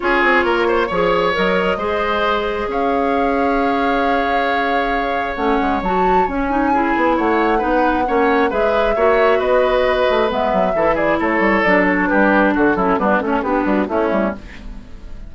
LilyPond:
<<
  \new Staff \with { instrumentName = "flute" } { \time 4/4 \tempo 4 = 134 cis''2. dis''4~ | dis''2 f''2~ | f''1 | fis''4 a''4 gis''2 |
fis''2. e''4~ | e''4 dis''2 e''4~ | e''8 d''8 cis''4 d''8 cis''8 b'4 | a'4 b'8 a'8 g'8 fis'8 e'4 | }
  \new Staff \with { instrumentName = "oboe" } { \time 4/4 gis'4 ais'8 c''8 cis''2 | c''2 cis''2~ | cis''1~ | cis''2. gis'4 |
cis''4 b'4 cis''4 b'4 | cis''4 b'2. | a'8 gis'8 a'2 g'4 | fis'8 e'8 d'8 cis'8 b4 cis'4 | }
  \new Staff \with { instrumentName = "clarinet" } { \time 4/4 f'2 gis'4 ais'4 | gis'1~ | gis'1 | cis'4 fis'4 cis'8 dis'8 e'4~ |
e'4 dis'4 cis'4 gis'4 | fis'2. b4 | e'2 d'2~ | d'8 cis'8 b8 cis'8 d'4 a4 | }
  \new Staff \with { instrumentName = "bassoon" } { \time 4/4 cis'8 c'8 ais4 f4 fis4 | gis2 cis'2~ | cis'1 | a8 gis8 fis4 cis'4. b8 |
a4 b4 ais4 gis4 | ais4 b4. a8 gis8 fis8 | e4 a8 g8 fis4 g4 | d8 fis8 g8 a8 b8 g8 a8 g8 | }
>>